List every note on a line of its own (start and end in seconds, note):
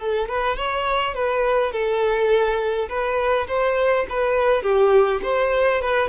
0.00 0.29 A4
0.29 0.57 B4
0.57 1.15 C#5
1.15 1.73 B4
1.73 2.89 A4
2.89 3.48 B4
3.48 4.07 C5
4.10 4.63 B4
4.63 5.22 G4
5.24 5.82 C5
5.82 6.09 B4